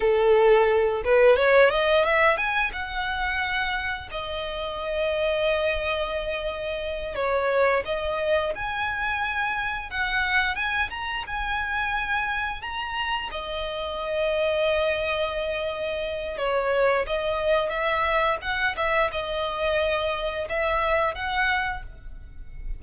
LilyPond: \new Staff \with { instrumentName = "violin" } { \time 4/4 \tempo 4 = 88 a'4. b'8 cis''8 dis''8 e''8 gis''8 | fis''2 dis''2~ | dis''2~ dis''8 cis''4 dis''8~ | dis''8 gis''2 fis''4 gis''8 |
ais''8 gis''2 ais''4 dis''8~ | dis''1 | cis''4 dis''4 e''4 fis''8 e''8 | dis''2 e''4 fis''4 | }